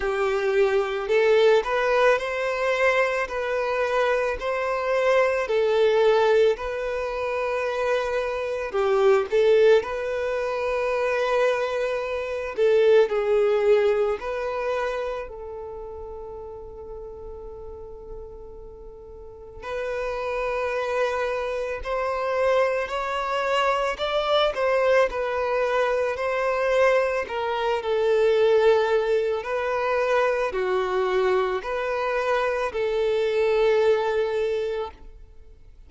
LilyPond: \new Staff \with { instrumentName = "violin" } { \time 4/4 \tempo 4 = 55 g'4 a'8 b'8 c''4 b'4 | c''4 a'4 b'2 | g'8 a'8 b'2~ b'8 a'8 | gis'4 b'4 a'2~ |
a'2 b'2 | c''4 cis''4 d''8 c''8 b'4 | c''4 ais'8 a'4. b'4 | fis'4 b'4 a'2 | }